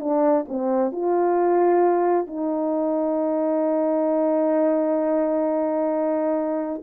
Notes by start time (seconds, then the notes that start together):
0.00 D4
0.48 C4
0.92 F4
2.27 D#4